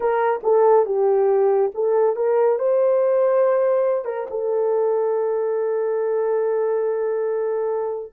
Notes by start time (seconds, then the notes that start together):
0.00 A#4
0.43 A4
0.85 G4
1.74 A4
2.15 A#4
2.58 C5
4.04 A#4
4.30 A4